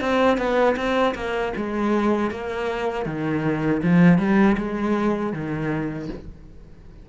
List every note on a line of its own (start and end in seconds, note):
0.00 0.38 C4
0.38 0.76 B3
0.76 1.14 C4
1.15 1.53 A#3
1.56 2.31 G#3
2.31 3.06 A#3
3.06 3.81 D#3
3.83 4.18 F3
4.18 4.56 G3
4.57 5.33 G#3
5.33 6.09 D#3